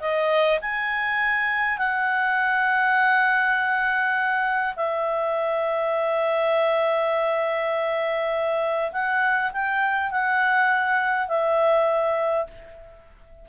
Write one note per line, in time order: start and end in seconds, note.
0.00 0.59 D#5
0.61 1.78 G#5
1.78 4.75 F#5
4.76 8.92 E5
8.92 9.52 F#5
9.52 10.11 G5
10.11 11.28 F#5
11.28 12.47 E5